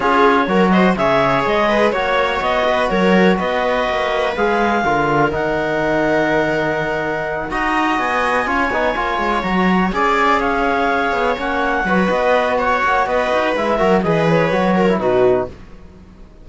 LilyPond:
<<
  \new Staff \with { instrumentName = "clarinet" } { \time 4/4 \tempo 4 = 124 cis''4. dis''8 e''4 dis''4 | cis''4 dis''4 cis''4 dis''4~ | dis''4 f''2 fis''4~ | fis''2.~ fis''8 ais''8~ |
ais''8 gis''2. ais''8~ | ais''8 gis''4 f''2 fis''8~ | fis''4 dis''4 fis''4 dis''4 | e''4 dis''8 cis''4. b'4 | }
  \new Staff \with { instrumentName = "viola" } { \time 4/4 gis'4 ais'8 c''8 cis''4. b'8 | cis''4. b'8 ais'4 b'4~ | b'2 ais'2~ | ais'2.~ ais'8 dis''8~ |
dis''4. cis''2~ cis''8~ | cis''8 d''4 cis''2~ cis''8~ | cis''8 b'4. cis''4 b'4~ | b'8 ais'8 b'4. ais'8 fis'4 | }
  \new Staff \with { instrumentName = "trombone" } { \time 4/4 f'4 fis'4 gis'2 | fis'1~ | fis'4 gis'4 f'4 dis'4~ | dis'2.~ dis'8 fis'8~ |
fis'4. f'8 dis'8 f'4 fis'8~ | fis'8 gis'2. cis'8~ | cis'8 fis'2.~ fis'8 | e'8 fis'8 gis'4 fis'8. e'16 dis'4 | }
  \new Staff \with { instrumentName = "cello" } { \time 4/4 cis'4 fis4 cis4 gis4 | ais4 b4 fis4 b4 | ais4 gis4 d4 dis4~ | dis2.~ dis8 dis'8~ |
dis'8 b4 cis'8 b8 ais8 gis8 fis8~ | fis8 cis'2~ cis'8 b8 ais8~ | ais8 fis8 b4. ais8 b8 dis'8 | gis8 fis8 e4 fis4 b,4 | }
>>